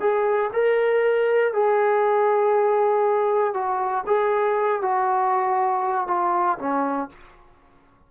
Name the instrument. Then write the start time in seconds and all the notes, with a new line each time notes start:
trombone
0.00 G#4
0.53 A#4
1.53 G#4
3.54 F#4
4.06 G#4
4.82 F#4
6.07 F4
6.58 C#4